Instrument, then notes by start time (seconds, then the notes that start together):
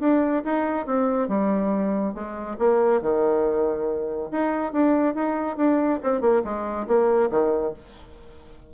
bassoon
0.00 D4
0.45 D#4
0.86 C4
1.28 G3
2.14 G#3
2.59 A#3
3.02 D#3
4.31 D#4
4.73 D4
5.14 D#4
5.57 D4
6.03 C4
6.21 A#3
6.44 G#3
6.87 A#3
7.31 D#3